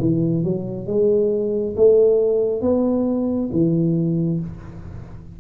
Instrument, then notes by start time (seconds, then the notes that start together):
tuba
0.00 E3
0.44 F#3
0.87 G#3
1.76 A3
2.62 B3
3.53 E3